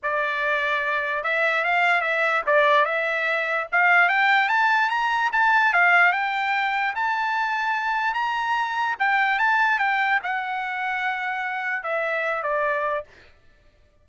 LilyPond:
\new Staff \with { instrumentName = "trumpet" } { \time 4/4 \tempo 4 = 147 d''2. e''4 | f''4 e''4 d''4 e''4~ | e''4 f''4 g''4 a''4 | ais''4 a''4 f''4 g''4~ |
g''4 a''2. | ais''2 g''4 a''4 | g''4 fis''2.~ | fis''4 e''4. d''4. | }